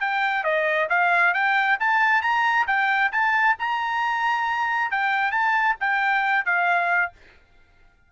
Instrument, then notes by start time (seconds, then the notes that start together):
trumpet
0.00 G5
0.44 D#5
0.89 F5
1.34 G5
1.80 A5
2.22 A#5
2.67 G5
3.12 A5
3.59 A#5
4.91 G5
5.32 A5
5.80 G5
6.45 F5